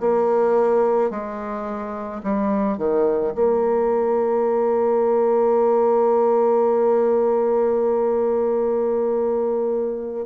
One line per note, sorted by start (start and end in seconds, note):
0.00 1.10 A#3
1.10 2.21 G#3
2.23 2.78 G3
2.78 3.33 D#3
3.34 10.26 A#3